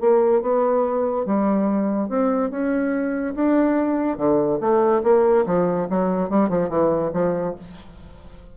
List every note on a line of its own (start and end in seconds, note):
0.00 0.42 A#3
0.42 1.26 B3
1.26 2.09 G3
2.09 2.51 C4
2.51 3.35 C#4
3.35 4.17 D4
4.17 4.59 D3
4.60 5.02 A3
5.03 5.45 A#3
5.46 5.88 F3
5.90 6.30 F#3
6.30 6.49 G3
6.49 6.69 F3
6.69 7.11 E3
7.13 7.55 F3